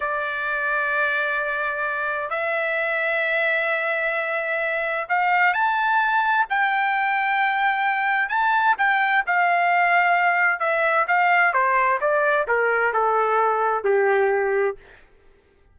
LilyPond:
\new Staff \with { instrumentName = "trumpet" } { \time 4/4 \tempo 4 = 130 d''1~ | d''4 e''2.~ | e''2. f''4 | a''2 g''2~ |
g''2 a''4 g''4 | f''2. e''4 | f''4 c''4 d''4 ais'4 | a'2 g'2 | }